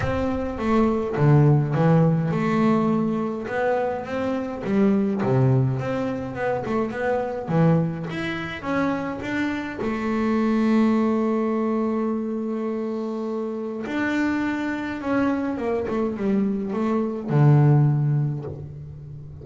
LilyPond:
\new Staff \with { instrumentName = "double bass" } { \time 4/4 \tempo 4 = 104 c'4 a4 d4 e4 | a2 b4 c'4 | g4 c4 c'4 b8 a8 | b4 e4 e'4 cis'4 |
d'4 a2.~ | a1 | d'2 cis'4 ais8 a8 | g4 a4 d2 | }